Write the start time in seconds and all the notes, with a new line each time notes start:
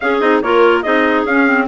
0.00 C#4 G#4 F5
0.20 C4 D#4 D#5
0.42 A#3 F4 A#4 C#5
0.82 C4 D#4 G#4 D#5
1.24 C#4 F5
1.46 C4